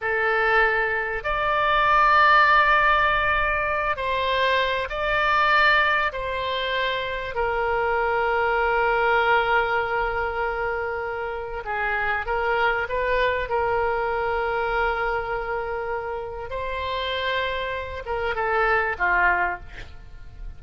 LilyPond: \new Staff \with { instrumentName = "oboe" } { \time 4/4 \tempo 4 = 98 a'2 d''2~ | d''2~ d''8 c''4. | d''2 c''2 | ais'1~ |
ais'2. gis'4 | ais'4 b'4 ais'2~ | ais'2. c''4~ | c''4. ais'8 a'4 f'4 | }